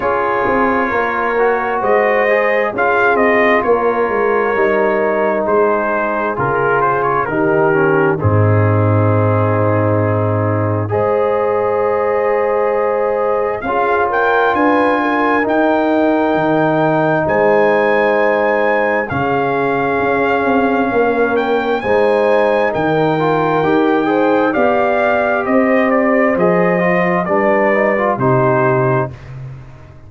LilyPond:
<<
  \new Staff \with { instrumentName = "trumpet" } { \time 4/4 \tempo 4 = 66 cis''2 dis''4 f''8 dis''8 | cis''2 c''4 ais'8 c''16 cis''16 | ais'4 gis'2. | dis''2. f''8 g''8 |
gis''4 g''2 gis''4~ | gis''4 f''2~ f''8 g''8 | gis''4 g''2 f''4 | dis''8 d''8 dis''4 d''4 c''4 | }
  \new Staff \with { instrumentName = "horn" } { \time 4/4 gis'4 ais'4 c''4 gis'4 | ais'2 gis'2 | g'4 dis'2. | c''2. gis'8 ais'8 |
b'8 ais'2~ ais'8 c''4~ | c''4 gis'2 ais'4 | c''4 ais'4. c''8 d''4 | c''2 b'4 g'4 | }
  \new Staff \with { instrumentName = "trombone" } { \time 4/4 f'4. fis'4 gis'8 f'4~ | f'4 dis'2 f'4 | dis'8 cis'8 c'2. | gis'2. f'4~ |
f'4 dis'2.~ | dis'4 cis'2. | dis'4. f'8 g'8 gis'8 g'4~ | g'4 gis'8 f'8 d'8 dis'16 f'16 dis'4 | }
  \new Staff \with { instrumentName = "tuba" } { \time 4/4 cis'8 c'8 ais4 gis4 cis'8 c'8 | ais8 gis8 g4 gis4 cis4 | dis4 gis,2. | gis2. cis'4 |
d'4 dis'4 dis4 gis4~ | gis4 cis4 cis'8 c'8 ais4 | gis4 dis4 dis'4 b4 | c'4 f4 g4 c4 | }
>>